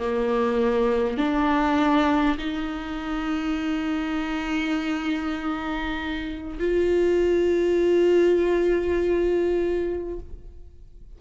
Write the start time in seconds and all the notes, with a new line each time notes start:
0.00 A#3
1.18 D4
2.38 D#4
6.59 F4